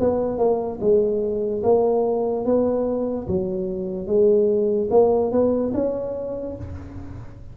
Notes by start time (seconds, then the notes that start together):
0.00 B3
0.38 A#3
0.81 G#3
1.64 A#3
2.45 B3
3.28 F#3
4.07 G#3
4.91 A#3
5.32 B3
5.74 C#4